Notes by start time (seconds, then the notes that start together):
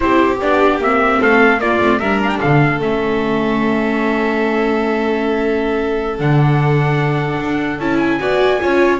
0.00 C4 E4 G4 C5
0.41 B3 D4 D5
0.78 A#3 C4 E5
1.20 A3 A4 F5
1.58 A#3 F4 D5
1.80 A3 C4
1.99 G3 D4 A#4 E5
2.23 F5 G5
2.40 D3 A4 F5
2.79 A3 C#4 E5
6.19 D3 D4 F#5
7.39 D4
7.79 C#4 E4 A5
7.98 G#5
8.19 B3 F#4 D5
8.60 C#4 F4 C#5